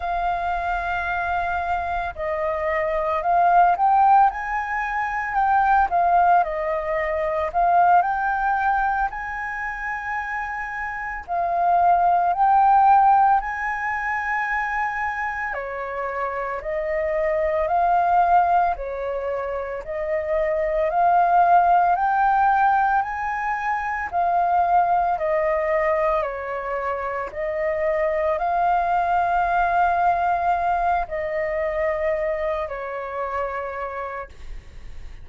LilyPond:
\new Staff \with { instrumentName = "flute" } { \time 4/4 \tempo 4 = 56 f''2 dis''4 f''8 g''8 | gis''4 g''8 f''8 dis''4 f''8 g''8~ | g''8 gis''2 f''4 g''8~ | g''8 gis''2 cis''4 dis''8~ |
dis''8 f''4 cis''4 dis''4 f''8~ | f''8 g''4 gis''4 f''4 dis''8~ | dis''8 cis''4 dis''4 f''4.~ | f''4 dis''4. cis''4. | }